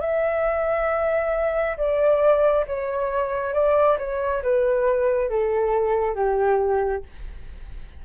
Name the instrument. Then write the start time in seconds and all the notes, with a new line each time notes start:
flute
0.00 E5
1.77 D5
2.67 C#5
3.53 D5
3.98 C#5
4.43 B4
5.29 A4
6.15 G4